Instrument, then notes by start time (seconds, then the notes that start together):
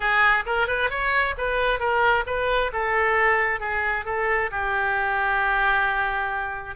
oboe
0.00 G#4
0.46 A#4
0.67 B4
0.89 C#5
1.37 B4
1.79 A#4
2.26 B4
2.72 A4
3.60 G#4
4.05 A4
4.51 G4